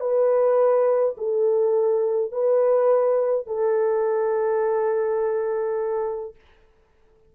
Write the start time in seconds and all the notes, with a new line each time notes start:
0.00 B4
1.17 A4
2.32 B4
3.46 A4